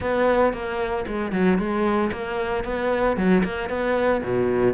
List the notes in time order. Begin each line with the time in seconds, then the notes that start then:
0.00 B3
0.53 A#3
1.07 G#3
1.32 F#3
1.58 G#3
2.12 A#3
2.64 B3
3.17 F#3
3.44 A#3
3.69 B3
4.23 B2